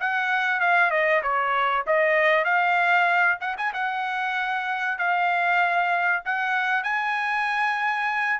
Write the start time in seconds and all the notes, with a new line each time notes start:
0.00 F#5
0.61 F5
0.91 D#5
1.23 C#5
1.87 D#5
2.45 F5
3.41 F#5
3.58 G#5
3.74 F#5
4.99 F5
6.25 F#5
6.84 G#5